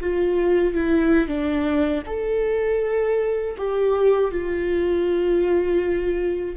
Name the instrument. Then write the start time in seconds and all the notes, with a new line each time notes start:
viola
0.00 F4
0.74 E4
1.27 D4
2.06 A4
3.57 G4
4.31 F4